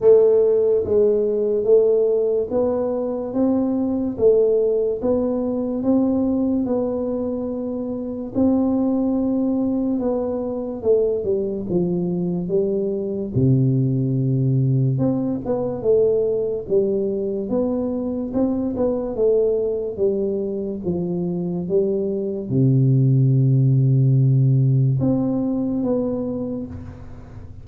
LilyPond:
\new Staff \with { instrumentName = "tuba" } { \time 4/4 \tempo 4 = 72 a4 gis4 a4 b4 | c'4 a4 b4 c'4 | b2 c'2 | b4 a8 g8 f4 g4 |
c2 c'8 b8 a4 | g4 b4 c'8 b8 a4 | g4 f4 g4 c4~ | c2 c'4 b4 | }